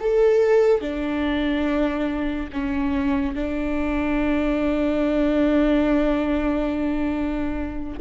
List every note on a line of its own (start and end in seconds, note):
0.00 0.81 A4
0.81 2.50 D4
2.52 3.35 C#4
3.35 8.00 D4